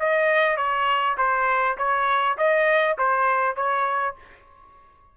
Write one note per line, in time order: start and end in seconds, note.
0.00 0.58 D#5
0.58 1.17 C#5
1.18 1.78 C5
1.78 2.38 C#5
2.38 2.98 D#5
2.99 3.56 C5
3.56 4.16 C#5